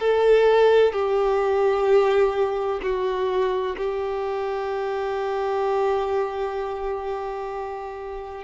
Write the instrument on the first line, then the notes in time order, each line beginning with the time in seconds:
violin
0.00 A4
0.93 G4
2.83 F#4
3.78 G4